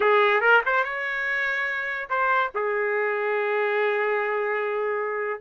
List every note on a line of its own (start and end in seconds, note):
0.00 0.41 G#4
0.41 0.61 A#4
0.65 0.84 C5
0.84 2.09 C#5
2.09 2.51 C5
2.54 5.40 G#4